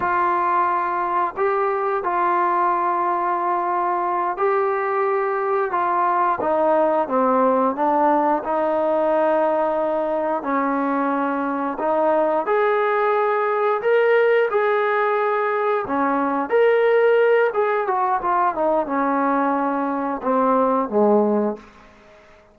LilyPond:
\new Staff \with { instrumentName = "trombone" } { \time 4/4 \tempo 4 = 89 f'2 g'4 f'4~ | f'2~ f'8 g'4.~ | g'8 f'4 dis'4 c'4 d'8~ | d'8 dis'2. cis'8~ |
cis'4. dis'4 gis'4.~ | gis'8 ais'4 gis'2 cis'8~ | cis'8 ais'4. gis'8 fis'8 f'8 dis'8 | cis'2 c'4 gis4 | }